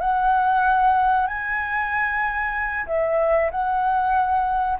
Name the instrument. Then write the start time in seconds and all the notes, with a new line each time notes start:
flute
0.00 F#5
1.27 G#5
2.87 E5
3.51 F#5